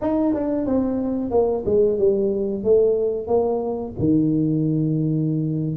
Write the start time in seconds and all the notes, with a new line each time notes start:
0.01 D#4
0.34 D4
0.66 C4
1.30 A#3
1.65 G#3
1.98 G3
2.63 A3
3.27 A#3
3.98 D#3